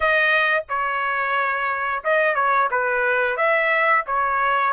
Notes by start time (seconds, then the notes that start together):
0.00 D#5
0.68 C#5
2.04 D#5
2.34 C#5
2.70 B4
3.36 E5
4.06 C#5